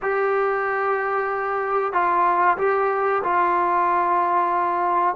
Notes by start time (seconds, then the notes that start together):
0.02 G4
1.92 F4
2.57 G4
3.23 F4